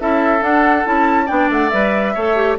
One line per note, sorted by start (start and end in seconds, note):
0.00 0.41 C#4
0.00 0.40 E4
0.00 1.26 A4
0.00 0.43 E5
0.40 0.83 D4
0.40 0.85 D4
0.40 0.86 F#5
0.85 1.29 C#4
0.85 1.28 E4
0.85 1.28 A5
1.26 1.50 B3
1.26 1.71 D4
1.26 2.12 D5
1.26 1.49 G5
1.50 1.71 A3
1.50 1.69 F#5
1.69 2.16 G3
1.69 2.15 B4
1.69 2.56 E5
2.14 2.59 A3
2.14 2.36 A4
2.14 2.58 C#5
2.36 2.57 G4